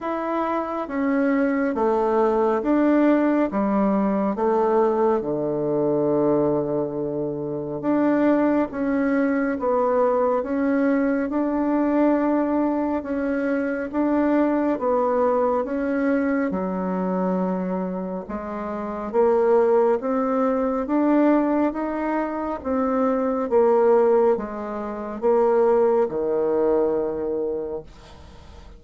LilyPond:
\new Staff \with { instrumentName = "bassoon" } { \time 4/4 \tempo 4 = 69 e'4 cis'4 a4 d'4 | g4 a4 d2~ | d4 d'4 cis'4 b4 | cis'4 d'2 cis'4 |
d'4 b4 cis'4 fis4~ | fis4 gis4 ais4 c'4 | d'4 dis'4 c'4 ais4 | gis4 ais4 dis2 | }